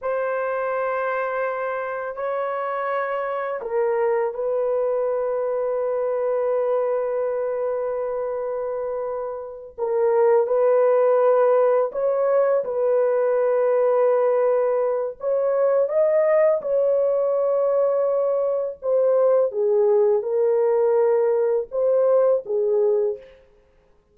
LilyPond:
\new Staff \with { instrumentName = "horn" } { \time 4/4 \tempo 4 = 83 c''2. cis''4~ | cis''4 ais'4 b'2~ | b'1~ | b'4. ais'4 b'4.~ |
b'8 cis''4 b'2~ b'8~ | b'4 cis''4 dis''4 cis''4~ | cis''2 c''4 gis'4 | ais'2 c''4 gis'4 | }